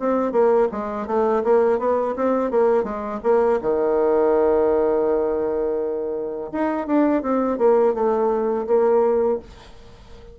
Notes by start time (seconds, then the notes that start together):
0.00 C4
0.33 A#3
0.72 G#3
1.07 A3
1.45 A#3
1.79 B3
2.16 C4
2.51 A#3
2.84 G#3
3.24 A#3
3.62 D#3
6.53 D#4
6.87 D4
7.23 C4
7.59 A#3
7.95 A3
8.67 A#3